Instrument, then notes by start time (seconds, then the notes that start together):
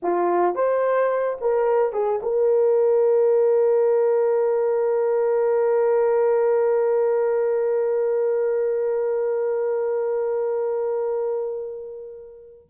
horn
0.02 F4
0.55 C5
1.41 A#4
1.93 G#4
2.22 A#4